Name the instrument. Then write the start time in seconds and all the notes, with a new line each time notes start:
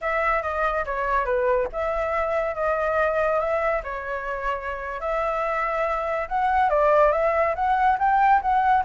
flute
0.01 E5
0.42 D#5
0.85 C#5
1.25 B4
1.72 E5
2.55 D#5
3.39 E5
3.83 C#5
5.00 E5
6.28 F#5
6.69 D5
7.12 E5
7.55 F#5
7.98 G5
8.41 F#5